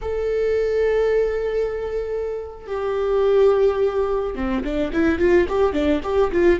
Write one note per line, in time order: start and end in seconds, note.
0.01 2.67 A4
2.67 4.35 G4
4.35 4.63 C4
4.63 4.91 D4
4.92 5.19 E4
5.19 5.47 F4
5.48 5.72 G4
5.72 6.00 D4
6.03 6.31 G4
6.31 6.59 F4